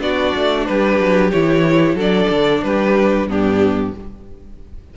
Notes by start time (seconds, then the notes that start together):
0.00 B3 D4 F#4 D5
0.36 A3
0.66 G3 G4 B4
1.00 F#3
1.31 E3 E4 C#5
1.94 F#3 D4 A4
2.00 D5
2.30 D3
2.63 G3 G4 B4
3.25 G2 B3 D4 G4